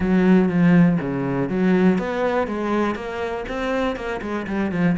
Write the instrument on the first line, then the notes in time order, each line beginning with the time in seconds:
cello
0.00 F#3
0.48 F3
1.00 C#3
1.49 F#3
1.98 B3
2.47 G#3
2.95 A#3
3.48 C4
3.96 A#3
4.21 G#3
4.47 G3
4.71 F3